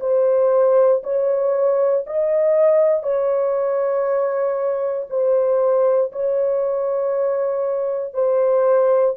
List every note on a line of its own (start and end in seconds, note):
0.00 1.02 C5
1.03 2.05 C#5
2.06 3.03 D#5
3.03 5.06 C#5
5.10 6.12 C5
6.12 8.14 C#5
8.14 9.15 C5